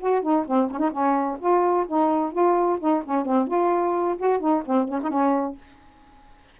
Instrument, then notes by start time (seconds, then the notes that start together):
saxophone
0.00 F#4
0.22 D#4
0.47 C4
0.71 C#4
0.79 D#4
0.91 C#4
1.40 F4
1.87 D#4
2.32 F4
2.79 D#4
3.05 C#4
3.25 C4
3.47 F4
4.17 F#4
4.40 D#4
4.65 C4
4.88 C#4
5.03 D#4
5.10 C#4